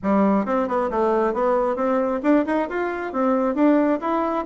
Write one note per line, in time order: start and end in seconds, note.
0.02 0.45 G3
0.45 0.67 C4
0.67 0.90 B3
0.90 1.33 A3
1.33 1.76 B3
1.76 2.20 C4
2.22 2.45 D4
2.46 2.68 D#4
2.69 3.12 F4
3.12 3.54 C4
3.54 3.99 D4
4.01 4.45 E4